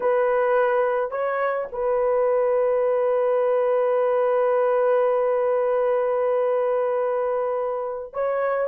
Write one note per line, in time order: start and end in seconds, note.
0.00 1.11 B4
1.11 1.67 C#5
1.72 8.13 B4
8.13 8.68 C#5